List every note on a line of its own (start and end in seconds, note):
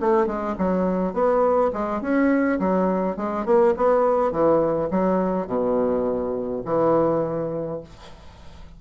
0.00 0.26 A3
0.26 0.55 G#3
0.58 1.13 F#3
1.13 1.71 B3
1.73 2.01 G#3
2.01 2.59 C#4
2.59 3.16 F#3
3.16 3.45 G#3
3.45 3.74 A#3
3.76 4.32 B3
4.32 4.89 E3
4.90 5.47 F#3
5.47 6.62 B2
6.65 7.80 E3